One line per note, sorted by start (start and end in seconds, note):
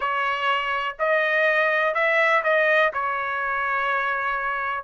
0.00 0.96 C#5
0.99 1.94 D#5
1.94 2.42 E5
2.43 2.92 D#5
2.93 4.84 C#5